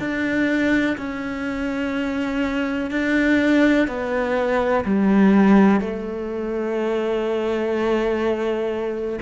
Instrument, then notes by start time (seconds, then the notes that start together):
cello
0.00 D4
0.98 C#4
2.91 D4
3.88 B3
4.85 G3
5.81 A3